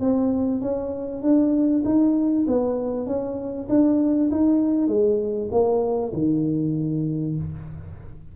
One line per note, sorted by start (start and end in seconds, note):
0.00 0.61 C4
0.61 1.22 C#4
1.22 1.83 D4
1.85 2.46 D#4
2.48 3.07 B3
3.07 3.68 C#4
3.69 4.30 D4
4.31 4.88 D#4
4.88 5.49 G#3
5.51 6.13 A#3
6.13 7.36 D#3